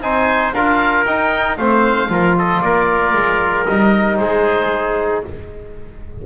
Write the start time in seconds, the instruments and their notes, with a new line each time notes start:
0.00 double bass C4, trombone D#4, trumpet C5, oboe G#5
0.53 double bass D4, trombone F4, trumpet A#4, oboe F5
1.05 trombone D#4, double bass D#4, oboe G5
1.57 double bass A3, trombone C4, trumpet C5, oboe F5
2.08 double bass F3, trombone F4, trumpet A#4
2.38 trumpet A4, oboe D#5
2.62 double bass A#3, trumpet A#4, oboe D5
3.13 double bass G#3
3.65 double bass G3, trombone D#4, oboe D#5
4.16 double bass G#3, trumpet G#4, oboe C5